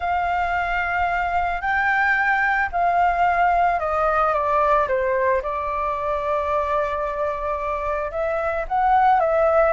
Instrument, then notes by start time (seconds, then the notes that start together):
flute
0.00 F5
1.61 G5
2.72 F5
3.79 D#5
4.33 D5
4.87 C5
5.42 D5
8.11 E5
8.68 F#5
9.19 E5